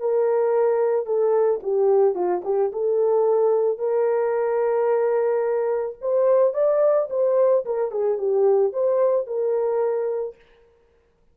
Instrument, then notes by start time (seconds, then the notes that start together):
horn
0.00 A#4
1.06 A4
1.63 G4
2.15 F4
2.45 G4
2.73 A4
3.79 A#4
6.01 C5
6.54 D5
7.11 C5
7.66 A#4
7.92 G#4
8.19 G4
8.73 C5
9.27 A#4